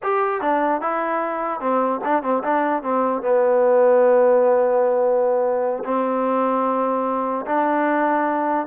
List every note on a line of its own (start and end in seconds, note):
0.02 0.41 G4
0.41 0.81 D4
0.81 1.60 E4
1.60 2.00 C4
2.04 2.22 D4
2.22 2.43 C4
2.43 2.82 D4
2.82 3.22 C4
3.22 5.83 B3
5.84 7.45 C4
7.46 8.66 D4